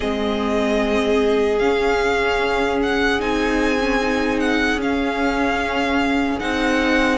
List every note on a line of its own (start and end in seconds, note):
0.00 1.60 G#3
0.00 1.59 C4
0.00 7.18 G#4
0.00 1.58 D#5
1.58 3.20 C#4
1.58 3.19 C#4
1.58 2.78 F5
2.82 3.20 F#5
3.19 4.75 C4
3.19 3.79 D#4
3.19 4.39 G#5
3.80 4.00 C#4
4.00 4.80 D#4
4.39 4.79 F#5
4.75 6.35 C#4
4.75 6.40 C#4
4.82 6.39 F5
6.39 7.18 C4
6.39 7.18 D#4
6.39 7.18 F#5